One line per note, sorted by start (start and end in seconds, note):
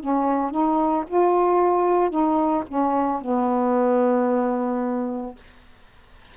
0.00 0.51 C#4
0.51 1.04 D#4
1.08 2.10 F4
2.10 2.63 D#4
2.67 3.21 C#4
3.21 5.35 B3